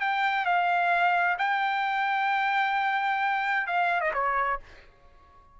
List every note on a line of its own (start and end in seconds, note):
0.00 0.45 G5
0.45 1.37 F5
1.38 3.67 G5
3.67 4.00 F5
4.00 4.12 D#5
4.14 4.59 C#5